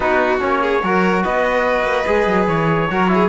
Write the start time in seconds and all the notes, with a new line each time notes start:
0.00 B3 D#4 F#4 B4
0.39 A#3 C#4 C#5
0.61 G#4
0.82 F#3 F#4 A#4
1.22 B3 B4 D#5
1.82 A#3
2.06 G#3 G#4
2.26 F#3
2.47 E3 C#5
2.89 F#3 F#4 A#4
3.07 E4 G#4